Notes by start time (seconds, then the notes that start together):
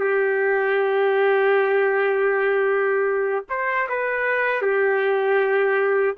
0.00 G4
3.50 C5
3.90 B4
4.62 G4